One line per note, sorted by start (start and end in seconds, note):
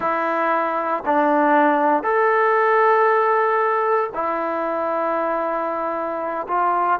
0.00 1.03 E4
1.05 2.03 D4
2.03 4.10 A4
4.14 6.47 E4
6.47 6.99 F4